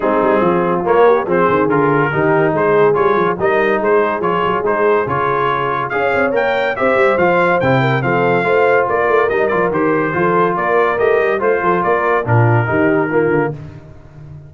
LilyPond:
<<
  \new Staff \with { instrumentName = "trumpet" } { \time 4/4 \tempo 4 = 142 gis'2 cis''4 c''4 | ais'2 c''4 cis''4 | dis''4 c''4 cis''4 c''4 | cis''2 f''4 g''4 |
e''4 f''4 g''4 f''4~ | f''4 d''4 dis''8 d''8 c''4~ | c''4 d''4 dis''4 c''4 | d''4 ais'2. | }
  \new Staff \with { instrumentName = "horn" } { \time 4/4 dis'4 f'4. g'8 gis'4~ | gis'4 g'4 gis'2 | ais'4 gis'2.~ | gis'2 cis''2 |
c''2~ c''8 ais'8 a'4 | c''4 ais'2. | a'4 ais'2 c''8 a'8 | ais'4 f'4 g'4 f'4 | }
  \new Staff \with { instrumentName = "trombone" } { \time 4/4 c'2 ais4 c'4 | f'4 dis'2 f'4 | dis'2 f'4 dis'4 | f'2 gis'4 ais'4 |
g'4 f'4 e'4 c'4 | f'2 dis'8 f'8 g'4 | f'2 g'4 f'4~ | f'4 d'4 dis'4 ais4 | }
  \new Staff \with { instrumentName = "tuba" } { \time 4/4 gis8 g8 f4 ais4 f8 dis8 | d4 dis4 gis4 g8 f8 | g4 gis4 f8 fis8 gis4 | cis2 cis'8 c'8 ais4 |
c'8 g8 f4 c4 f4 | a4 ais8 a8 g8 f8 dis4 | f4 ais4 a8 g8 a8 f8 | ais4 ais,4 dis4. d8 | }
>>